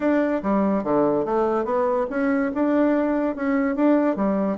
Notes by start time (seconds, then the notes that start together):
0.00 D4
0.43 G3
0.83 D3
1.25 A3
1.64 B3
2.09 C#4
2.54 D4
3.35 C#4
3.75 D4
4.16 G3